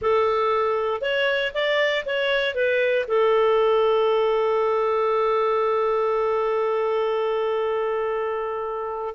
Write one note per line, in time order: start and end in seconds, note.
0.01 1.01 A4
1.01 1.52 C#5
1.54 2.05 D5
2.05 2.54 C#5
2.54 3.05 B4
3.07 9.15 A4